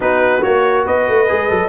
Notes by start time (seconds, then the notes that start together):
0.00 B3 D#4 F#4 B4
0.41 A#3 F#4 C#5
0.84 B3 B4 D#5
1.08 A3
1.28 G#3 G#4
1.49 F#3 A4